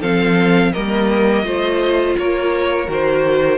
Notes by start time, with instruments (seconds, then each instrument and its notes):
0.00 cello F3, viola C4, violin A4 F5
0.72 cello G3, viola A#3, violin A#4 D#5
1.44 cello A3, viola F4, violin C5
2.18 cello A#3, violin A#4 C#5
2.87 cello D#3, viola F#4, violin C5